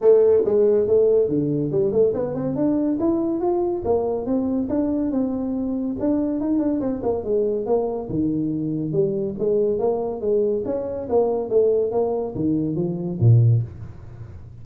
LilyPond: \new Staff \with { instrumentName = "tuba" } { \time 4/4 \tempo 4 = 141 a4 gis4 a4 d4 | g8 a8 b8 c'8 d'4 e'4 | f'4 ais4 c'4 d'4 | c'2 d'4 dis'8 d'8 |
c'8 ais8 gis4 ais4 dis4~ | dis4 g4 gis4 ais4 | gis4 cis'4 ais4 a4 | ais4 dis4 f4 ais,4 | }